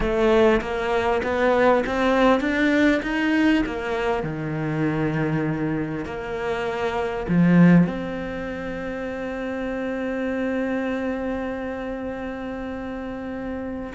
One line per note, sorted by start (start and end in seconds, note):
0.00 0.61 A3
0.61 1.21 A#3
1.23 1.83 B3
1.86 2.40 C4
2.40 3.01 D4
3.02 3.63 D#4
3.65 4.23 A#3
4.23 6.05 D#3
6.05 7.26 A#3
7.28 7.86 F3
7.86 13.92 C4